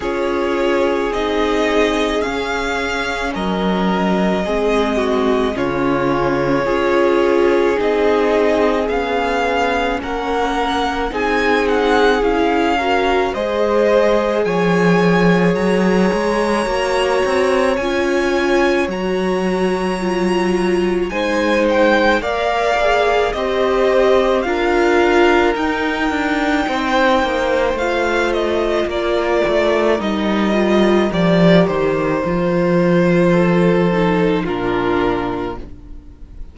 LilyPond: <<
  \new Staff \with { instrumentName = "violin" } { \time 4/4 \tempo 4 = 54 cis''4 dis''4 f''4 dis''4~ | dis''4 cis''2 dis''4 | f''4 fis''4 gis''8 fis''8 f''4 | dis''4 gis''4 ais''2 |
gis''4 ais''2 gis''8 g''8 | f''4 dis''4 f''4 g''4~ | g''4 f''8 dis''8 d''4 dis''4 | d''8 c''2~ c''8 ais'4 | }
  \new Staff \with { instrumentName = "violin" } { \time 4/4 gis'2. ais'4 | gis'8 fis'8 f'4 gis'2~ | gis'4 ais'4 gis'4. ais'8 | c''4 cis''2.~ |
cis''2. c''4 | d''4 c''4 ais'2 | c''2 ais'2~ | ais'2 a'4 f'4 | }
  \new Staff \with { instrumentName = "viola" } { \time 4/4 f'4 dis'4 cis'2 | c'4 cis'4 f'4 dis'4 | cis'2 dis'4 e'8 fis'8 | gis'2. fis'4 |
f'4 fis'4 f'4 dis'4 | ais'8 gis'8 g'4 f'4 dis'4~ | dis'4 f'2 dis'8 f'8 | g'4 f'4. dis'8 d'4 | }
  \new Staff \with { instrumentName = "cello" } { \time 4/4 cis'4 c'4 cis'4 fis4 | gis4 cis4 cis'4 c'4 | b4 ais4 c'4 cis'4 | gis4 f4 fis8 gis8 ais8 c'8 |
cis'4 fis2 gis4 | ais4 c'4 d'4 dis'8 d'8 | c'8 ais8 a4 ais8 a8 g4 | f8 dis8 f2 ais,4 | }
>>